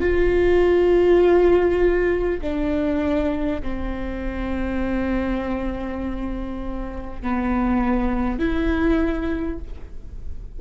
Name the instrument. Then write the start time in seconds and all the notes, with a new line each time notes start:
viola
0.00 F4
2.41 D4
3.62 C4
7.22 B3
8.38 E4